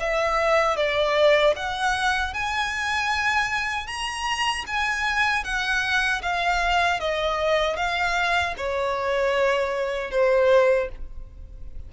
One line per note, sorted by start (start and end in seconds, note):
0.00 0.77 E5
0.77 1.54 D5
1.56 2.34 F#5
2.34 3.87 G#5
3.87 4.65 A#5
4.67 5.44 G#5
5.44 6.22 F#5
6.22 7.00 F5
7.00 7.77 D#5
7.77 8.55 F5
8.57 10.11 C#5
10.11 10.89 C5